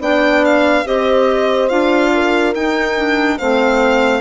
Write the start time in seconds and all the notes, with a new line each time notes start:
0.00 B3 D4 D5 G5
0.45 F5
0.85 C4 G4 C5 D#5
1.69 D4 F4 F5
2.14 A#4
2.55 D#4 G5
2.97 D4
3.38 A3 C4 C5 F5